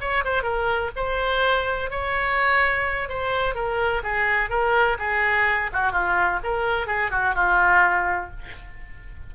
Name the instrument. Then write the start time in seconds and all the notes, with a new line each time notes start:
oboe
0.00 C#5
0.24 C5
0.42 A#4
0.96 C5
1.90 C#5
3.09 C5
3.55 A#4
4.03 G#4
4.49 A#4
4.99 G#4
5.73 F#4
5.92 F4
6.43 A#4
6.87 G#4
7.11 F#4
7.35 F4